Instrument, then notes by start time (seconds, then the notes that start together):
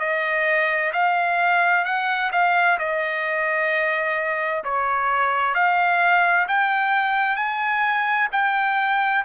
trumpet
0.00 D#5
0.93 F5
1.85 F#5
2.32 F5
2.79 D#5
4.64 C#5
5.55 F5
6.48 G5
7.36 G#5
8.32 G5